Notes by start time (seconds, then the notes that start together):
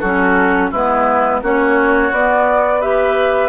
0.00 F#3 C#4 F#4 A4
0.71 G#3 B3 E4 B4
1.42 A#3 C#4 F#4 C#5
2.11 B3 D5
2.81 G4 B4 E5